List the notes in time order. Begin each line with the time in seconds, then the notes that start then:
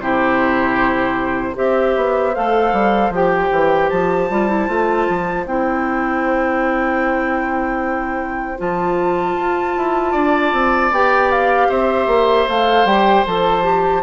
0.00 C3 E4 G4 C5
1.54 C4 G4 C5 E5
1.97 B3
2.35 A3 A4 F5
2.73 G3
3.10 F3 G4 G5
3.52 E3
3.90 F3 A5
4.30 G3 F4
4.49 E4
4.68 A3 F4
5.09 F3
5.46 C4 E4 G5
8.58 F3 F4 A5
9.36 F4
9.77 E4
10.12 D4 D5
10.53 C4
10.91 B3 G4 G5
11.31 F5
11.69 C4 C5 E5
12.07 A#3
12.48 A3 A4 F5
12.85 G3 G4 G5
13.26 F3 A4 A5
13.63 G4